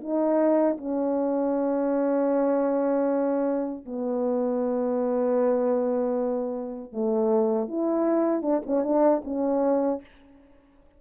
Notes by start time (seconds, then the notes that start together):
0.00 D#4
0.77 C#4
3.85 B3
6.92 A3
7.67 E4
8.42 D4
8.66 C#4
8.83 D4
9.24 C#4